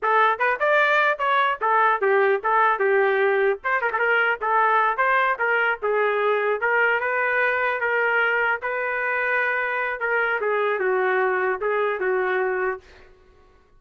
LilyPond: \new Staff \with { instrumentName = "trumpet" } { \time 4/4 \tempo 4 = 150 a'4 b'8 d''4. cis''4 | a'4 g'4 a'4 g'4~ | g'4 c''8 ais'16 a'16 ais'4 a'4~ | a'8 c''4 ais'4 gis'4.~ |
gis'8 ais'4 b'2 ais'8~ | ais'4. b'2~ b'8~ | b'4 ais'4 gis'4 fis'4~ | fis'4 gis'4 fis'2 | }